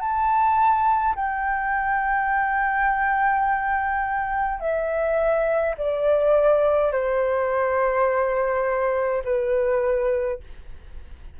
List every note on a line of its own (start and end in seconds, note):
0.00 1.15 A5
1.15 4.59 G5
4.59 5.75 E5
5.77 6.92 D5
6.92 9.23 C5
9.24 10.40 B4